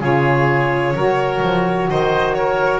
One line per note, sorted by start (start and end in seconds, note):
0.00 0.94 C#3
0.00 0.94 F4
0.00 0.94 G#4
0.00 1.90 C#5
0.94 1.40 F#3
0.94 2.80 F#4
0.94 1.89 A#4
1.42 1.89 F3
1.89 2.80 D#3
1.89 2.37 C5
1.89 2.33 D#5
2.33 2.80 A#4
2.33 2.80 C#5